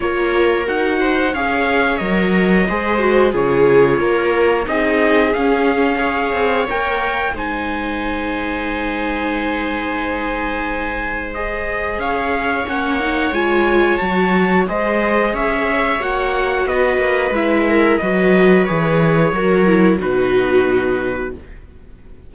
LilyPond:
<<
  \new Staff \with { instrumentName = "trumpet" } { \time 4/4 \tempo 4 = 90 cis''4 fis''4 f''4 dis''4~ | dis''4 cis''2 dis''4 | f''2 g''4 gis''4~ | gis''1~ |
gis''4 dis''4 f''4 fis''4 | gis''4 a''4 dis''4 e''4 | fis''4 dis''4 e''4 dis''4 | cis''2 b'2 | }
  \new Staff \with { instrumentName = "viola" } { \time 4/4 ais'4. c''8 cis''2 | c''4 gis'4 ais'4 gis'4~ | gis'4 cis''2 c''4~ | c''1~ |
c''2 cis''2~ | cis''2 c''4 cis''4~ | cis''4 b'4. ais'8 b'4~ | b'4 ais'4 fis'2 | }
  \new Staff \with { instrumentName = "viola" } { \time 4/4 f'4 fis'4 gis'4 ais'4 | gis'8 fis'8 f'2 dis'4 | cis'4 gis'4 ais'4 dis'4~ | dis'1~ |
dis'4 gis'2 cis'8 dis'8 | f'4 fis'4 gis'2 | fis'2 e'4 fis'4 | gis'4 fis'8 e'8 dis'2 | }
  \new Staff \with { instrumentName = "cello" } { \time 4/4 ais4 dis'4 cis'4 fis4 | gis4 cis4 ais4 c'4 | cis'4. c'8 ais4 gis4~ | gis1~ |
gis2 cis'4 ais4 | gis4 fis4 gis4 cis'4 | ais4 b8 ais8 gis4 fis4 | e4 fis4 b,2 | }
>>